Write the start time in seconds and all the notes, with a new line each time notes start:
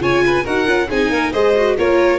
0.00 C#3 F4 C#5 G#5
0.27 B4
0.44 D#4 F#4 A#4 F#5
0.66 C#4 F4
0.90 C4 D#4 G#4 G#5
1.11 A#3 A#4
1.33 G#3 G#4 C5 D#5
1.57 F#4
1.77 A#3 F4 A#4 C#5